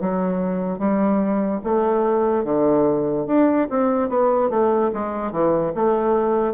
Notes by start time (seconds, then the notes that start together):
0.00 F#3
0.78 G3
1.63 A3
2.44 D3
3.26 D4
3.69 C4
4.09 B3
4.49 A3
4.93 G#3
5.31 E3
5.74 A3